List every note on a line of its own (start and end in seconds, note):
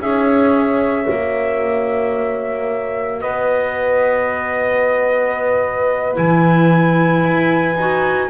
0.00 1.07 C#4
0.00 1.06 G#4
0.00 3.21 C#5
0.00 3.21 E5
1.06 3.23 A#3
1.06 6.14 F#4
3.21 6.17 B3
3.21 8.30 B4
3.21 6.16 D#5
6.14 7.24 E3
6.14 7.75 E4
6.14 8.30 G#5
7.24 7.76 E4
7.76 8.29 D#4
7.76 8.30 F#4